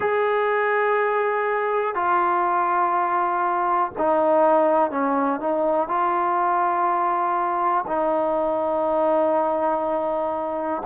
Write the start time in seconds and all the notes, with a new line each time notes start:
0.00 G#4
1.94 F4
3.98 D#4
4.90 C#4
5.40 D#4
5.87 F4
7.87 D#4